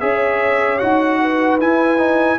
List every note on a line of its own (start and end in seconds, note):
0.00 0.82 C#4
0.00 0.80 G#4
0.00 1.21 C#5
0.00 0.78 E5
0.78 1.61 D#4
0.78 1.60 F#4
0.78 1.58 F#5
1.22 2.39 B4
1.60 1.98 E4
1.60 2.39 E4
1.60 2.39 G#5
1.98 2.38 D#4